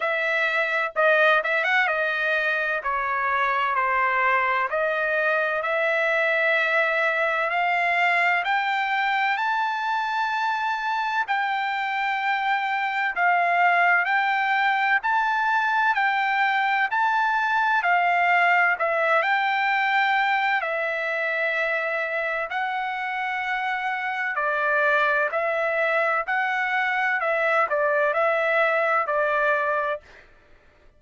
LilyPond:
\new Staff \with { instrumentName = "trumpet" } { \time 4/4 \tempo 4 = 64 e''4 dis''8 e''16 fis''16 dis''4 cis''4 | c''4 dis''4 e''2 | f''4 g''4 a''2 | g''2 f''4 g''4 |
a''4 g''4 a''4 f''4 | e''8 g''4. e''2 | fis''2 d''4 e''4 | fis''4 e''8 d''8 e''4 d''4 | }